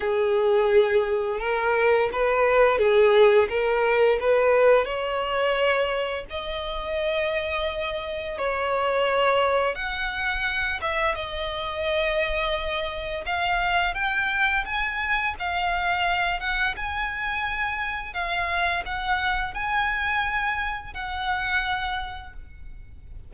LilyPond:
\new Staff \with { instrumentName = "violin" } { \time 4/4 \tempo 4 = 86 gis'2 ais'4 b'4 | gis'4 ais'4 b'4 cis''4~ | cis''4 dis''2. | cis''2 fis''4. e''8 |
dis''2. f''4 | g''4 gis''4 f''4. fis''8 | gis''2 f''4 fis''4 | gis''2 fis''2 | }